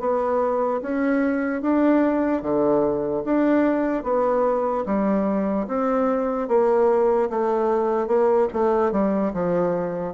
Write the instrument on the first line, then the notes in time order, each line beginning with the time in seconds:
bassoon
0.00 B3
0.82 C#4
1.62 D4
2.42 D3
3.24 D4
4.04 B3
4.86 G3
5.68 C4
6.48 A#3
7.30 A3
8.07 A#3
8.53 A3
8.92 G3
9.33 F3